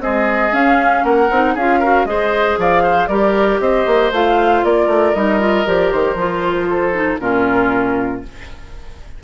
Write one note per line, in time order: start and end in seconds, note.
0.00 0.52 G#3
0.00 0.51 C4
0.00 1.05 G#4
0.00 0.55 D#5
0.52 1.29 C#4
0.52 1.04 C#4
0.52 1.05 F5
1.04 1.29 A#3
1.04 1.55 A#4
1.04 1.56 F#5
1.31 1.56 C4
1.31 1.59 D#4
1.55 2.05 C#4
1.55 1.83 F4
1.55 1.80 G#4
1.55 2.06 F5
1.80 2.07 F#4
1.80 2.06 A#4
2.05 2.57 G#3
2.05 3.10 G#4
2.05 2.60 C5
2.05 2.57 D#5
2.58 3.09 F3
2.58 2.83 D5
2.58 3.08 F5
2.83 3.09 C5
3.08 3.60 G3
3.08 4.13 G4
3.08 3.61 A#4
3.08 3.59 D5
3.61 3.86 C4
3.61 4.65 C5
3.61 4.12 D#5
3.87 4.12 A#3
4.12 4.63 A3
4.12 5.16 F4
4.12 4.65 F5
4.65 4.87 A#3
4.65 6.70 A#4
4.65 5.15 D5
4.87 5.13 A3
5.15 5.67 G3
5.15 5.40 D#4
5.15 5.67 D#5
5.40 5.65 F4
5.66 5.93 F3
5.66 6.17 G4
5.66 5.92 D5
5.92 6.15 D#3
5.92 7.20 C5
6.15 7.18 F3
6.15 6.93 F4
6.70 7.21 A4
6.93 7.19 D#4
7.20 8.23 A#2
7.20 8.23 C#4
7.20 8.24 F4
7.20 8.22 A#4